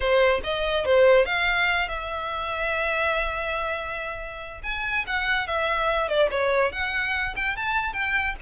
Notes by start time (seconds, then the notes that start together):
0.00 C5
0.43 D#5
0.85 C5
1.25 F5
1.88 E5
4.63 G#5
5.07 F#5
5.47 E5
6.08 D5
6.30 C#5
6.72 F#5
7.36 G5
7.56 A5
7.93 G5